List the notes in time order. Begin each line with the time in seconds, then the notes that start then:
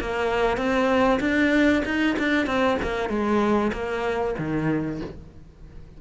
0.00 A#3
0.57 C4
1.20 D4
1.85 D#4
2.19 D4
2.46 C4
2.82 A#3
3.09 G#3
3.72 A#3
4.38 D#3